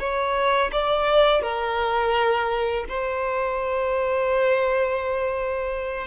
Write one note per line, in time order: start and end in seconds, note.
0.00 0.71 C#5
0.73 1.43 D5
1.43 2.85 A#4
2.89 6.08 C5